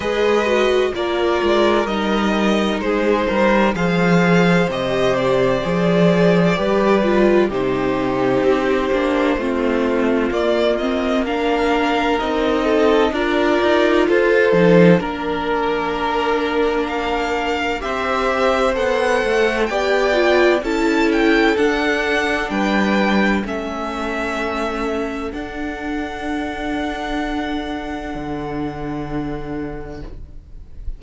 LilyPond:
<<
  \new Staff \with { instrumentName = "violin" } { \time 4/4 \tempo 4 = 64 dis''4 d''4 dis''4 c''4 | f''4 dis''8 d''2~ d''8 | c''2. d''8 dis''8 | f''4 dis''4 d''4 c''4 |
ais'2 f''4 e''4 | fis''4 g''4 a''8 g''8 fis''4 | g''4 e''2 fis''4~ | fis''1 | }
  \new Staff \with { instrumentName = "violin" } { \time 4/4 b'4 ais'2 gis'8 ais'8 | c''2. b'4 | g'2 f'2 | ais'4. a'8 ais'4 a'4 |
ais'2. c''4~ | c''4 d''4 a'2 | b'4 a'2.~ | a'1 | }
  \new Staff \with { instrumentName = "viola" } { \time 4/4 gis'8 fis'8 f'4 dis'2 | gis'4 g'4 gis'4 g'8 f'8 | dis'4. d'8 c'4 ais8 c'8 | d'4 dis'4 f'4. dis'8 |
d'2. g'4 | a'4 g'8 f'8 e'4 d'4~ | d'4 cis'2 d'4~ | d'1 | }
  \new Staff \with { instrumentName = "cello" } { \time 4/4 gis4 ais8 gis8 g4 gis8 g8 | f4 c4 f4 g4 | c4 c'8 ais8 a4 ais4~ | ais4 c'4 d'8 dis'8 f'8 f8 |
ais2. c'4 | b8 a8 b4 cis'4 d'4 | g4 a2 d'4~ | d'2 d2 | }
>>